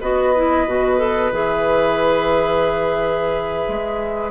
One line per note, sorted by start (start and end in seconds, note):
0.00 0.67 B3
0.00 0.35 F#4
0.00 4.31 B4
0.00 1.32 D#5
0.35 0.67 E4
0.67 1.32 B2
0.67 0.98 F#4
0.98 1.31 A4
1.32 3.65 E3
1.32 4.31 G#4
1.32 4.31 E5
3.68 4.31 G#3